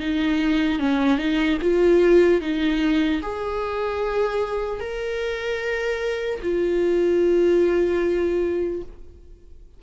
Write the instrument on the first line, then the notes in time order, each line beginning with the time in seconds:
viola
0.00 D#4
0.79 C#4
1.18 D#4
1.62 F4
2.41 D#4
3.22 G#4
4.80 A#4
6.42 F4